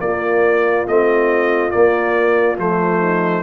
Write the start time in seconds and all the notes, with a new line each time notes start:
0.00 A#3 F4 D5
0.87 A3 C4 D#5
1.70 A#3 D5
2.57 F3 A3 C5
2.99 D#4